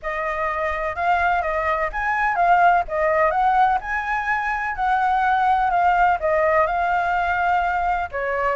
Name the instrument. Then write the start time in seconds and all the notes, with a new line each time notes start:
flute
0.02 D#5
0.95 F5
1.42 D#5
1.92 G#5
2.35 F5
2.88 D#5
3.30 F#5
3.80 G#5
4.75 F#5
5.70 F5
6.20 D#5
6.66 F5
8.11 C#5